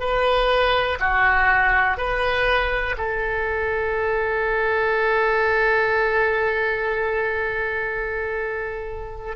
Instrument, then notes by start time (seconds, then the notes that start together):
oboe
0.00 B4
1.00 F#4
1.97 B4
2.98 A4